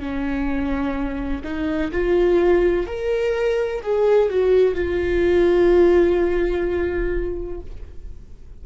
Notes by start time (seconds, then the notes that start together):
0.00 C#4
1.44 D#4
1.92 F4
2.87 A#4
3.83 G#4
4.30 F#4
4.75 F4